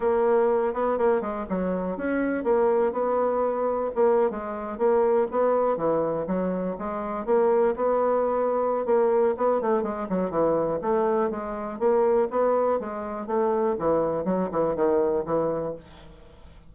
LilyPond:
\new Staff \with { instrumentName = "bassoon" } { \time 4/4 \tempo 4 = 122 ais4. b8 ais8 gis8 fis4 | cis'4 ais4 b2 | ais8. gis4 ais4 b4 e16~ | e8. fis4 gis4 ais4 b16~ |
b2 ais4 b8 a8 | gis8 fis8 e4 a4 gis4 | ais4 b4 gis4 a4 | e4 fis8 e8 dis4 e4 | }